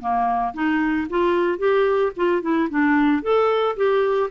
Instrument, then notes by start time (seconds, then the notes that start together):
clarinet
0.00 A#3
0.54 D#4
1.10 F4
1.59 G4
2.16 F4
2.42 E4
2.70 D4
3.22 A4
3.76 G4